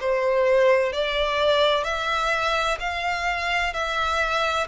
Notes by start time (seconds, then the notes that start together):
0.00 C5
0.92 D5
1.84 E5
2.80 F5
3.73 E5